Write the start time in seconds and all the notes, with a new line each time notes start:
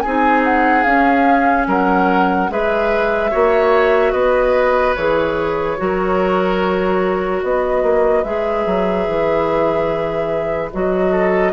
0.00 C4 D#4 G#4 G#5
0.44 F#5
0.83 C#4 F5
1.67 F#3 A#4 F#5
2.50 G#3 G#4 B4 E5
3.31 A#3 F#4 C#5
4.12 B3 B4 D#5
4.95 E3 G#4 C#5
5.78 F#3 F#4 A#4
7.43 B3 B4 D#5
7.83 A#3
8.24 G#3 G#4 E5
8.66 F#3
9.07 E3
10.73 F#3 F#4 D#5
11.11 A4